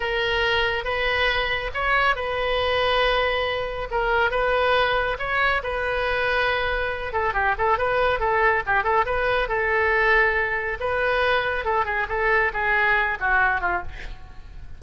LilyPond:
\new Staff \with { instrumentName = "oboe" } { \time 4/4 \tempo 4 = 139 ais'2 b'2 | cis''4 b'2.~ | b'4 ais'4 b'2 | cis''4 b'2.~ |
b'8 a'8 g'8 a'8 b'4 a'4 | g'8 a'8 b'4 a'2~ | a'4 b'2 a'8 gis'8 | a'4 gis'4. fis'4 f'8 | }